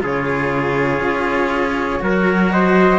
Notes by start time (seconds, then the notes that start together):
0.00 C#3 F4 G#4 C#5
1.00 C#4
2.00 F#3 F#4 A#4
2.51 C5 D#5